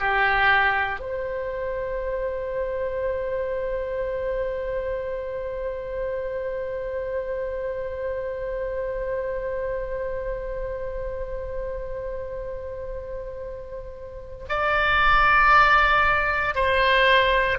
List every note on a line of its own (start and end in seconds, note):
0.00 1.00 G4
1.00 14.45 C5
14.49 16.55 D5
16.55 17.59 C5